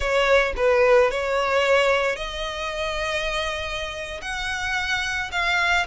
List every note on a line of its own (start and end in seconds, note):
0.00 0.53 C#5
0.56 1.10 B4
1.10 2.16 C#5
2.16 4.20 D#5
4.21 5.30 F#5
5.31 5.86 F5